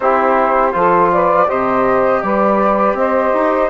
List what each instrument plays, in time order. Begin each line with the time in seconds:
0.00 bassoon C4, trombone E4, saxophone G4, flute C5
0.72 bassoon F3, trombone F4, saxophone A4
1.12 saxophone B4, flute D5
1.47 bassoon C3, trombone G4, saxophone C5, flute D#5
2.22 bassoon G3, saxophone B4, flute D5
2.94 bassoon C4, saxophone C5, flute D#5
3.33 bassoon D#4